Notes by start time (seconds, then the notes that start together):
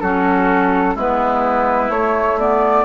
0.00 F#3 C#4 F#4 A4
0.94 G#3 B3 E4 B4
1.89 A3 C#5
2.39 B3 D5